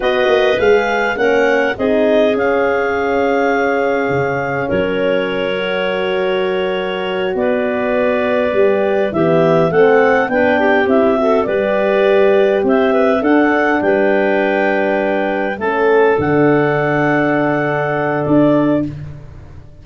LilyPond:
<<
  \new Staff \with { instrumentName = "clarinet" } { \time 4/4 \tempo 4 = 102 dis''4 f''4 fis''4 dis''4 | f''1 | cis''1~ | cis''8 d''2. e''8~ |
e''8 fis''4 g''4 e''4 d''8~ | d''4. e''4 fis''4 g''8~ | g''2~ g''8 a''4 fis''8~ | fis''2. d''4 | }
  \new Staff \with { instrumentName = "clarinet" } { \time 4/4 b'2 ais'4 gis'4~ | gis'1 | ais'1~ | ais'8 b'2. g'8~ |
g'8 a'4 b'8 g'4 a'8 b'8~ | b'4. c''8 b'8 a'4 b'8~ | b'2~ b'8 a'4.~ | a'1 | }
  \new Staff \with { instrumentName = "horn" } { \time 4/4 fis'4 gis'4 cis'4 dis'4 | cis'1~ | cis'4. fis'2~ fis'8~ | fis'2~ fis'8 g'4 b8~ |
b8 c'4 d'4 e'8 fis'8 g'8~ | g'2~ g'8 d'4.~ | d'2~ d'8 cis'4 d'8~ | d'1 | }
  \new Staff \with { instrumentName = "tuba" } { \time 4/4 b8 ais8 gis4 ais4 c'4 | cis'2. cis4 | fis1~ | fis8 b2 g4 e8~ |
e8 a4 b4 c'4 g8~ | g4. c'4 d'4 g8~ | g2~ g8 a4 d8~ | d2. d'4 | }
>>